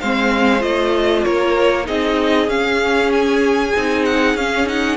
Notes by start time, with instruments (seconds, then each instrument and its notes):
0.00 cello G#3, viola C4, violin C5 F5
0.59 cello A3, viola F4, violin D#5
1.23 cello A#3, violin A#4 C#5
1.85 cello C4, viola D#4, violin G#4 D#5
2.47 cello C#4, viola C#4, violin F5
3.12 violin G#5
3.76 cello C4, viola D#4
4.05 violin F#5
4.35 cello C#4, viola C#4, violin F5
4.66 viola D#4, violin F#5